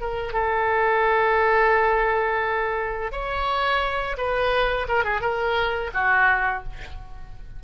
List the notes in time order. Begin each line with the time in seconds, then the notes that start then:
0.00 A#4
0.33 A4
3.11 C#5
4.17 B4
4.88 A#4
5.04 G#4
5.20 A#4
5.93 F#4